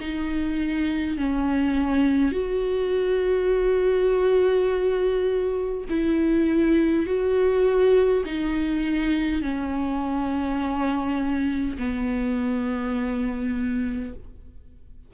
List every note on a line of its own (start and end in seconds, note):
0.00 1.17 D#4
1.17 2.32 C#4
2.32 5.84 F#4
5.89 7.06 E4
7.06 8.24 F#4
8.25 9.41 D#4
9.41 11.76 C#4
11.78 14.13 B3